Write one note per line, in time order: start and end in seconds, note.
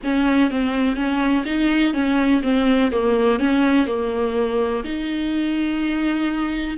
0.03 0.50 C#4
0.50 0.96 C4
0.96 1.44 C#4
1.45 1.94 D#4
1.94 2.42 C#4
2.42 2.91 C4
2.91 3.39 A#3
3.39 3.87 C#4
3.87 4.83 A#3
4.83 6.77 D#4